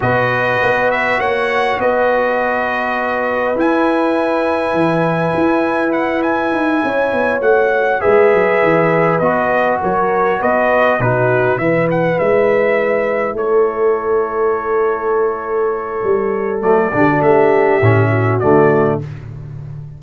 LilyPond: <<
  \new Staff \with { instrumentName = "trumpet" } { \time 4/4 \tempo 4 = 101 dis''4. e''8 fis''4 dis''4~ | dis''2 gis''2~ | gis''2 fis''8 gis''4.~ | gis''8 fis''4 e''2 dis''8~ |
dis''8 cis''4 dis''4 b'4 e''8 | fis''8 e''2 cis''4.~ | cis''1 | d''4 e''2 d''4 | }
  \new Staff \with { instrumentName = "horn" } { \time 4/4 b'2 cis''4 b'4~ | b'1~ | b'2.~ b'8 cis''8~ | cis''4. b'2~ b'8~ |
b'8 ais'4 b'4 fis'4 b'8~ | b'2~ b'8 a'4.~ | a'1~ | a'8 g'16 fis'16 g'4. fis'4. | }
  \new Staff \with { instrumentName = "trombone" } { \time 4/4 fis'1~ | fis'2 e'2~ | e'1~ | e'8 fis'4 gis'2 fis'8~ |
fis'2~ fis'8 dis'4 e'8~ | e'1~ | e'1 | a8 d'4. cis'4 a4 | }
  \new Staff \with { instrumentName = "tuba" } { \time 4/4 b,4 b4 ais4 b4~ | b2 e'2 | e4 e'2 dis'8 cis'8 | b8 a4 gis8 fis8 e4 b8~ |
b8 fis4 b4 b,4 e8~ | e8 gis2 a4.~ | a2. g4 | fis8 d8 a4 a,4 d4 | }
>>